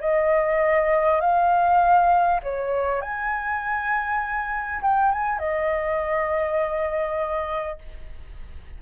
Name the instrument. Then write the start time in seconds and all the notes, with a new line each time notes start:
flute
0.00 D#5
1.20 F5
2.43 C#5
3.01 G#5
4.81 G5
5.12 G#5
5.38 D#5